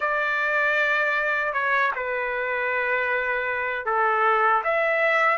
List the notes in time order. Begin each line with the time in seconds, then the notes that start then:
0.00 D5
1.53 C#5
1.95 B4
3.85 A4
4.64 E5